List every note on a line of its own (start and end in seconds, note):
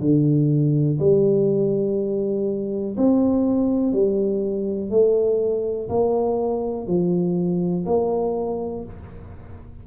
0.00 0.98 D3
0.99 2.96 G3
2.97 3.93 C4
3.93 4.90 G3
4.90 5.88 A3
5.89 6.87 A#3
6.87 7.85 F3
7.86 8.84 A#3